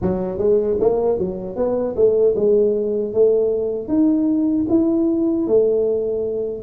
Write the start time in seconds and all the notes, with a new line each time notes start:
0.01 F#3
0.38 G#3
0.80 A#3
1.18 F#3
1.56 B3
1.96 A3
2.36 G#3
3.13 A3
3.87 D#4
4.69 E4
5.47 A3